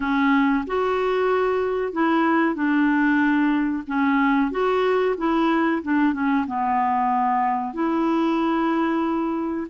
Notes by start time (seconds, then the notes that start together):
0.00 C#4
0.66 F#4
1.92 E4
2.54 D4
3.86 C#4
4.51 F#4
5.17 E4
5.82 D4
6.13 C#4
6.46 B3
7.73 E4